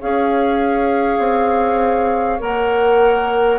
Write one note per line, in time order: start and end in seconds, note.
0.00 1.19 C#4
0.00 2.39 G#4
0.00 3.59 C#5
0.00 2.41 F5
1.19 2.39 C4
2.39 3.59 A#3
2.39 3.59 A#4
2.39 3.59 F#5